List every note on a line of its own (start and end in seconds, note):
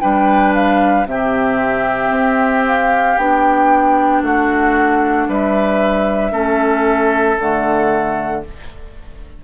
0.00 1.06 G3
0.00 1.05 D4
0.00 1.06 B4
0.00 0.53 G5
0.54 1.06 F5
1.06 2.10 C3
1.06 3.17 C4
1.06 4.23 G4
1.06 2.64 E5
2.10 3.15 C4
2.66 3.18 F5
3.18 4.22 B3
3.18 6.31 D4
3.18 4.23 G5
4.22 5.27 A3
4.22 5.28 F#4
4.22 5.29 F#5
5.28 6.31 G3
5.28 6.31 B4
5.28 7.38 E5
6.31 7.36 A3
6.31 7.36 C#4
6.31 8.42 A4
7.38 8.44 D3
7.38 8.44 A3
7.38 8.43 F#5